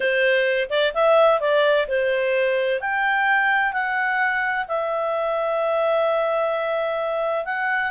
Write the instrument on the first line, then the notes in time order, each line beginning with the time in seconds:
clarinet
0.00 C5
0.69 D5
0.94 E5
1.40 D5
1.87 C5
2.80 G5
3.73 F#5
4.67 E5
7.45 F#5